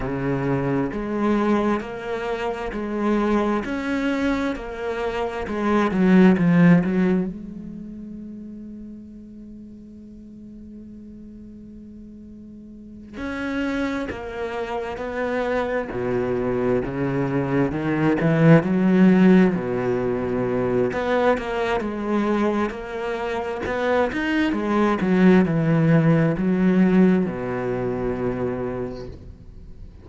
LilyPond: \new Staff \with { instrumentName = "cello" } { \time 4/4 \tempo 4 = 66 cis4 gis4 ais4 gis4 | cis'4 ais4 gis8 fis8 f8 fis8 | gis1~ | gis2~ gis8 cis'4 ais8~ |
ais8 b4 b,4 cis4 dis8 | e8 fis4 b,4. b8 ais8 | gis4 ais4 b8 dis'8 gis8 fis8 | e4 fis4 b,2 | }